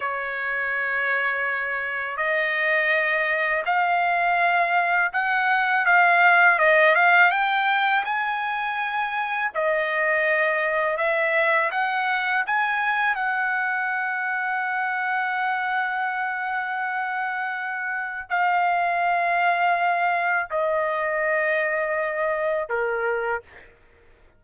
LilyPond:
\new Staff \with { instrumentName = "trumpet" } { \time 4/4 \tempo 4 = 82 cis''2. dis''4~ | dis''4 f''2 fis''4 | f''4 dis''8 f''8 g''4 gis''4~ | gis''4 dis''2 e''4 |
fis''4 gis''4 fis''2~ | fis''1~ | fis''4 f''2. | dis''2. ais'4 | }